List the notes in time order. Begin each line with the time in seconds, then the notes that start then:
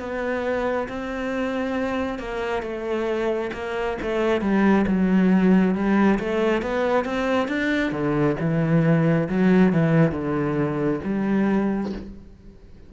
0.00 B3
0.89 C4
2.19 A#3
2.63 A3
3.54 A#3
4.03 A3
4.42 G3
4.88 F#3
5.75 G3
6.20 A3
6.63 B3
7.05 C4
7.48 D4
7.92 D3
8.41 E3
9.29 F#3
9.73 E3
10.12 D3
11.05 G3